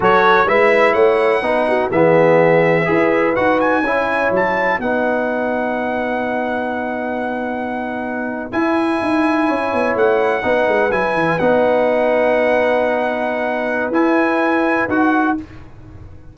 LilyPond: <<
  \new Staff \with { instrumentName = "trumpet" } { \time 4/4 \tempo 4 = 125 cis''4 e''4 fis''2 | e''2. fis''8 gis''8~ | gis''4 a''4 fis''2~ | fis''1~ |
fis''4.~ fis''16 gis''2~ gis''16~ | gis''8. fis''2 gis''4 fis''16~ | fis''1~ | fis''4 gis''2 fis''4 | }
  \new Staff \with { instrumentName = "horn" } { \time 4/4 a'4 b'4 cis''4 b'8 fis'8 | gis'2 b'2 | cis''2 b'2~ | b'1~ |
b'2.~ b'8. cis''16~ | cis''4.~ cis''16 b'2~ b'16~ | b'1~ | b'1 | }
  \new Staff \with { instrumentName = "trombone" } { \time 4/4 fis'4 e'2 dis'4 | b2 gis'4 fis'4 | e'2 dis'2~ | dis'1~ |
dis'4.~ dis'16 e'2~ e'16~ | e'4.~ e'16 dis'4 e'4 dis'16~ | dis'1~ | dis'4 e'2 fis'4 | }
  \new Staff \with { instrumentName = "tuba" } { \time 4/4 fis4 gis4 a4 b4 | e2 e'4 dis'4 | cis'4 fis4 b2~ | b1~ |
b4.~ b16 e'4 dis'4 cis'16~ | cis'16 b8 a4 b8 gis8 fis8 e8 b16~ | b1~ | b4 e'2 dis'4 | }
>>